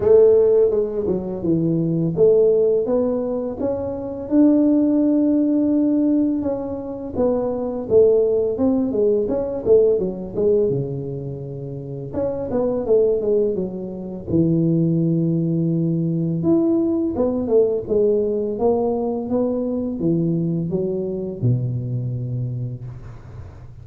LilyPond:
\new Staff \with { instrumentName = "tuba" } { \time 4/4 \tempo 4 = 84 a4 gis8 fis8 e4 a4 | b4 cis'4 d'2~ | d'4 cis'4 b4 a4 | c'8 gis8 cis'8 a8 fis8 gis8 cis4~ |
cis4 cis'8 b8 a8 gis8 fis4 | e2. e'4 | b8 a8 gis4 ais4 b4 | e4 fis4 b,2 | }